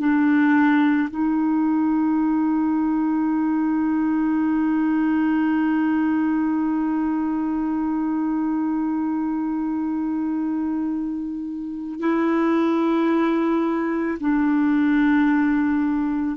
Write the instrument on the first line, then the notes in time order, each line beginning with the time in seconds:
clarinet
0.00 D4
1.11 D#4
12.00 E4
14.21 D4